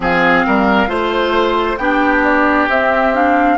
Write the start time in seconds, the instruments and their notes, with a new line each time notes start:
0.00 bassoon F3, clarinet C4, oboe G#4, flute F5
0.46 bassoon G3, oboe A#4
0.87 bassoon A3, clarinet F4, oboe C5, flute C5
1.77 bassoon B3, clarinet D4, oboe G4, flute G5
2.23 flute D5
2.68 bassoon C4, clarinet C4, flute E5
3.13 clarinet D4, flute F5